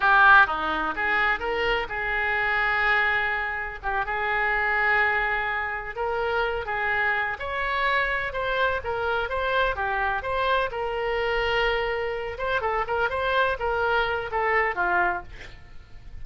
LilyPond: \new Staff \with { instrumentName = "oboe" } { \time 4/4 \tempo 4 = 126 g'4 dis'4 gis'4 ais'4 | gis'1 | g'8 gis'2.~ gis'8~ | gis'8 ais'4. gis'4. cis''8~ |
cis''4. c''4 ais'4 c''8~ | c''8 g'4 c''4 ais'4.~ | ais'2 c''8 a'8 ais'8 c''8~ | c''8 ais'4. a'4 f'4 | }